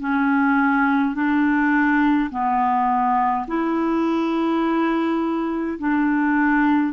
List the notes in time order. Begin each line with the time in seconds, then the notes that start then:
0.00 C#4
1.14 D4
2.30 B3
3.47 E4
5.78 D4